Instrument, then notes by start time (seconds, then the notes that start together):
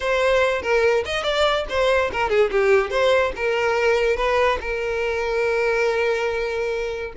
violin
0.00 C5
0.61 A#4
1.05 D#5
1.23 D5
1.69 C5
2.12 A#4
2.29 G#4
2.51 G4
2.90 C5
3.36 A#4
4.16 B4
4.61 A#4